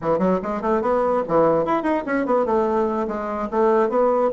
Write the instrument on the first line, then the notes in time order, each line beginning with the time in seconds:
bassoon
0.01 E3
0.18 F#3
0.42 G#3
0.61 A3
0.81 B3
1.28 E3
1.65 E4
1.83 D#4
2.06 C#4
2.26 B3
2.45 A3
3.07 G#3
3.51 A3
3.89 B3